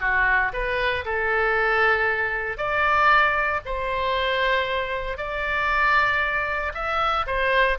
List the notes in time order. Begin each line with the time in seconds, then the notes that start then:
0.00 F#4
0.53 B4
1.05 A4
2.57 D5
3.65 C5
5.17 D5
6.74 E5
7.26 C5